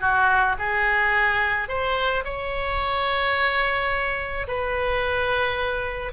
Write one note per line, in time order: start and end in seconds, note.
0.00 0.56 F#4
0.58 1.68 G#4
1.68 2.23 C5
2.24 4.46 C#5
4.47 6.12 B4